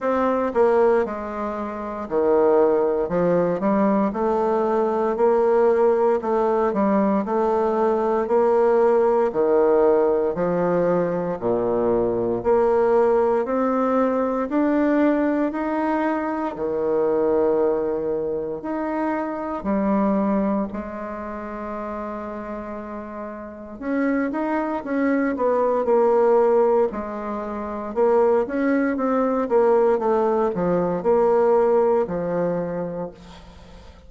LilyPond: \new Staff \with { instrumentName = "bassoon" } { \time 4/4 \tempo 4 = 58 c'8 ais8 gis4 dis4 f8 g8 | a4 ais4 a8 g8 a4 | ais4 dis4 f4 ais,4 | ais4 c'4 d'4 dis'4 |
dis2 dis'4 g4 | gis2. cis'8 dis'8 | cis'8 b8 ais4 gis4 ais8 cis'8 | c'8 ais8 a8 f8 ais4 f4 | }